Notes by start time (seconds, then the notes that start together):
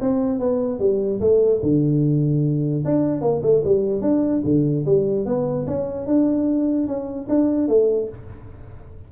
0.00 C4
0.39 B3
0.79 G3
1.20 A3
1.62 D3
2.84 D4
3.21 A#3
3.42 A3
3.64 G3
4.01 D4
4.44 D3
4.85 G3
5.25 B3
5.66 C#4
6.06 D4
6.87 C#4
7.28 D4
7.68 A3